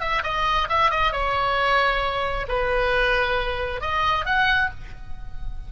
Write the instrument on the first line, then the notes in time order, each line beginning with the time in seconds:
oboe
0.00 E5
0.23 D#5
0.69 E5
0.90 D#5
1.12 C#5
2.48 B4
3.81 D#5
4.25 F#5